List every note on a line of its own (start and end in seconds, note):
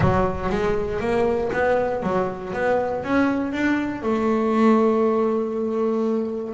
0.00 0.49 F#3
0.49 0.99 G#3
0.99 1.50 A#3
1.52 2.03 B3
2.03 2.53 F#3
2.53 3.03 B3
3.03 3.52 C#4
3.52 4.02 D4
4.02 6.54 A3